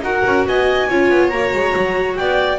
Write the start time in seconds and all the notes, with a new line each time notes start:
0.00 D#4 F#4 A#4 F#5
0.25 C#4
0.47 B3 D#5 G#5
0.88 C#4 F4 C#5
1.10 B3
1.29 A#3 F#4 A#5
1.53 G#3
1.76 F#3
2.15 B3 D5 G5